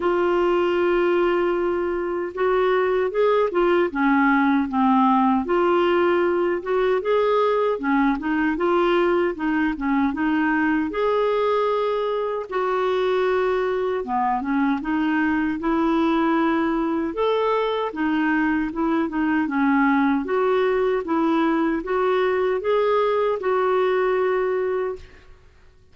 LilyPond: \new Staff \with { instrumentName = "clarinet" } { \time 4/4 \tempo 4 = 77 f'2. fis'4 | gis'8 f'8 cis'4 c'4 f'4~ | f'8 fis'8 gis'4 cis'8 dis'8 f'4 | dis'8 cis'8 dis'4 gis'2 |
fis'2 b8 cis'8 dis'4 | e'2 a'4 dis'4 | e'8 dis'8 cis'4 fis'4 e'4 | fis'4 gis'4 fis'2 | }